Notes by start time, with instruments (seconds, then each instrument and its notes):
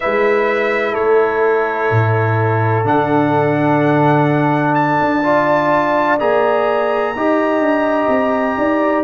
0.00 tuba G#3, trombone E4, horn B4, trumpet E5
0.91 tuba A3, horn A4, trumpet C#5
1.90 tuba A2
2.84 tuba D3, trombone D4, trumpet F#5
4.74 trumpet A5
5.00 tuba D4
5.23 trombone F4, horn D5
6.19 tuba A#3, trombone G#4, trumpet A#5
7.15 tuba D#4, trombone G4, horn D#5
7.59 tuba D4
8.08 tuba C4
8.57 tuba D#4, horn D5